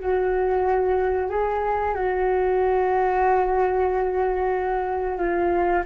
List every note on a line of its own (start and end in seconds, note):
0.00 1.29 F#4
1.29 1.94 G#4
1.94 5.18 F#4
5.18 5.83 F4